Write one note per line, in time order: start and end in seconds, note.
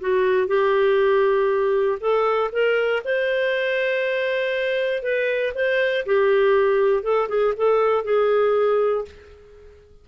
0.00 0.47 F#4
0.47 1.98 G4
2.00 2.50 A4
2.52 3.02 A#4
3.04 5.02 C5
5.02 5.53 B4
5.54 6.05 C5
6.05 7.03 G4
7.03 7.28 A4
7.28 7.53 G#4
7.56 8.04 A4
8.04 9.05 G#4